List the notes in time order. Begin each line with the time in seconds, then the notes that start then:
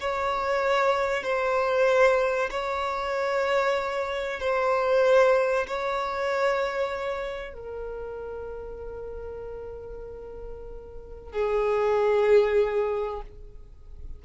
0.00 C#5
1.23 C5
2.50 C#5
4.40 C5
5.67 C#5
7.53 A#4
11.32 G#4